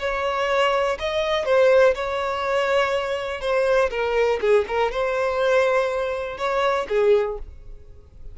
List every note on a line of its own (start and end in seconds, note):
0.00 0.98 C#5
0.99 1.46 D#5
1.46 1.95 C5
1.95 3.41 C#5
3.41 3.91 C5
3.91 4.40 A#4
4.41 4.66 G#4
4.68 4.92 A#4
4.92 6.38 C5
6.38 6.87 C#5
6.89 7.38 G#4